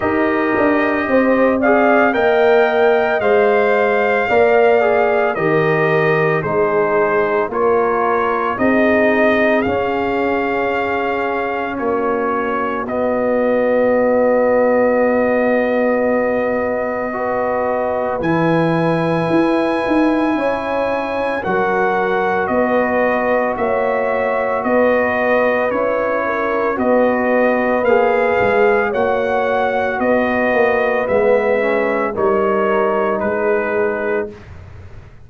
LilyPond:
<<
  \new Staff \with { instrumentName = "trumpet" } { \time 4/4 \tempo 4 = 56 dis''4. f''8 g''4 f''4~ | f''4 dis''4 c''4 cis''4 | dis''4 f''2 cis''4 | dis''1~ |
dis''4 gis''2. | fis''4 dis''4 e''4 dis''4 | cis''4 dis''4 f''4 fis''4 | dis''4 e''4 cis''4 b'4 | }
  \new Staff \with { instrumentName = "horn" } { \time 4/4 ais'4 c''8 d''8 dis''2 | d''4 ais'4 gis'4 ais'4 | gis'2. fis'4~ | fis'1 |
b'2. cis''4 | ais'4 b'4 cis''4 b'4~ | b'8 ais'8 b'2 cis''4 | b'2 ais'4 gis'4 | }
  \new Staff \with { instrumentName = "trombone" } { \time 4/4 g'4. gis'8 ais'4 c''4 | ais'8 gis'8 g'4 dis'4 f'4 | dis'4 cis'2. | b1 |
fis'4 e'2. | fis'1 | e'4 fis'4 gis'4 fis'4~ | fis'4 b8 cis'8 dis'2 | }
  \new Staff \with { instrumentName = "tuba" } { \time 4/4 dis'8 d'8 c'4 ais4 gis4 | ais4 dis4 gis4 ais4 | c'4 cis'2 ais4 | b1~ |
b4 e4 e'8 dis'8 cis'4 | fis4 b4 ais4 b4 | cis'4 b4 ais8 gis8 ais4 | b8 ais8 gis4 g4 gis4 | }
>>